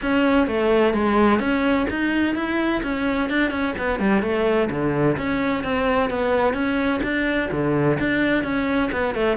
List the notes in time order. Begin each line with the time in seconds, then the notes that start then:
0.01 C#4
0.47 A3
0.93 G#3
1.39 C#4
1.89 D#4
2.35 E4
2.82 C#4
3.29 D4
3.50 C#4
3.77 B3
3.99 G3
4.22 A3
4.69 D3
5.17 C#4
5.63 C4
6.10 B3
6.53 C#4
7.02 D4
7.51 D3
7.99 D4
8.43 C#4
8.91 B3
9.14 A3